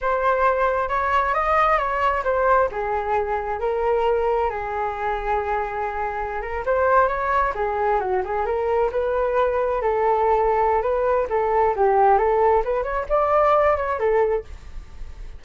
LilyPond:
\new Staff \with { instrumentName = "flute" } { \time 4/4 \tempo 4 = 133 c''2 cis''4 dis''4 | cis''4 c''4 gis'2 | ais'2 gis'2~ | gis'2~ gis'16 ais'8 c''4 cis''16~ |
cis''8. gis'4 fis'8 gis'8 ais'4 b'16~ | b'4.~ b'16 a'2~ a'16 | b'4 a'4 g'4 a'4 | b'8 cis''8 d''4. cis''8 a'4 | }